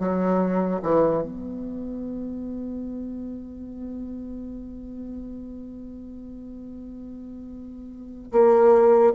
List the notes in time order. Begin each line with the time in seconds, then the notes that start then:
0.00 F#3
0.83 E3
1.23 B3
8.33 A#3